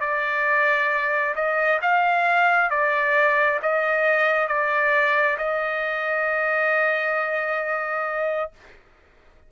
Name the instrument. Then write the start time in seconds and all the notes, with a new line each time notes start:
trumpet
0.00 D5
1.35 D#5
1.82 F5
2.70 D5
3.62 D#5
4.48 D5
5.37 D#5